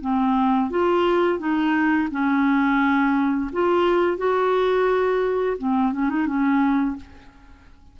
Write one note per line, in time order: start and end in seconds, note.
0.00 0.70 C4
0.70 1.39 F4
1.39 2.08 D#4
2.11 3.50 C#4
3.52 4.17 F4
4.17 5.57 F#4
5.58 5.92 C4
5.92 6.09 C#4
6.09 6.26 D#4
6.26 6.96 C#4